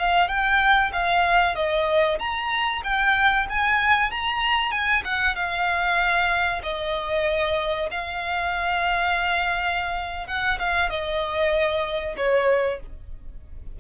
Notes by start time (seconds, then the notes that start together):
0.00 F5
0.29 G5
0.93 F5
1.56 D#5
2.19 A#5
2.84 G5
3.50 G#5
4.12 A#5
4.72 G#5
5.05 F#5
5.36 F5
6.63 D#5
7.91 F5
10.27 F#5
10.59 F5
10.90 D#5
12.17 C#5